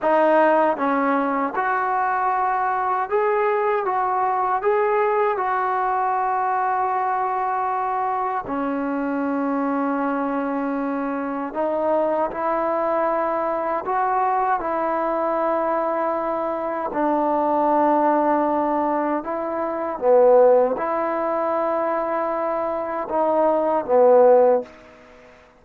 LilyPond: \new Staff \with { instrumentName = "trombone" } { \time 4/4 \tempo 4 = 78 dis'4 cis'4 fis'2 | gis'4 fis'4 gis'4 fis'4~ | fis'2. cis'4~ | cis'2. dis'4 |
e'2 fis'4 e'4~ | e'2 d'2~ | d'4 e'4 b4 e'4~ | e'2 dis'4 b4 | }